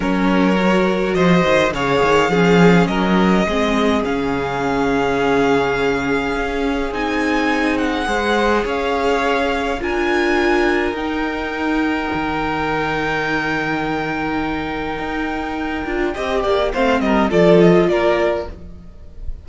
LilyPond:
<<
  \new Staff \with { instrumentName = "violin" } { \time 4/4 \tempo 4 = 104 cis''2 dis''4 f''4~ | f''4 dis''2 f''4~ | f''1 | gis''4. fis''4. f''4~ |
f''4 gis''2 g''4~ | g''1~ | g''1~ | g''4 f''8 dis''8 d''8 dis''8 d''4 | }
  \new Staff \with { instrumentName = "violin" } { \time 4/4 ais'2 c''4 cis''4 | gis'4 ais'4 gis'2~ | gis'1~ | gis'2 c''4 cis''4~ |
cis''4 ais'2.~ | ais'1~ | ais'1 | dis''8 d''8 c''8 ais'8 a'4 ais'4 | }
  \new Staff \with { instrumentName = "viola" } { \time 4/4 cis'4 fis'2 gis'4 | cis'2 c'4 cis'4~ | cis'1 | dis'2 gis'2~ |
gis'4 f'2 dis'4~ | dis'1~ | dis'2.~ dis'8 f'8 | g'4 c'4 f'2 | }
  \new Staff \with { instrumentName = "cello" } { \time 4/4 fis2 f8 dis8 cis8 dis8 | f4 fis4 gis4 cis4~ | cis2. cis'4 | c'2 gis4 cis'4~ |
cis'4 d'2 dis'4~ | dis'4 dis2.~ | dis2 dis'4. d'8 | c'8 ais8 a8 g8 f4 ais4 | }
>>